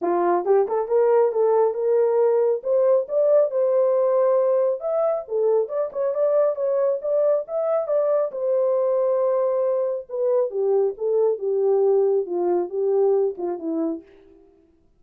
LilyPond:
\new Staff \with { instrumentName = "horn" } { \time 4/4 \tempo 4 = 137 f'4 g'8 a'8 ais'4 a'4 | ais'2 c''4 d''4 | c''2. e''4 | a'4 d''8 cis''8 d''4 cis''4 |
d''4 e''4 d''4 c''4~ | c''2. b'4 | g'4 a'4 g'2 | f'4 g'4. f'8 e'4 | }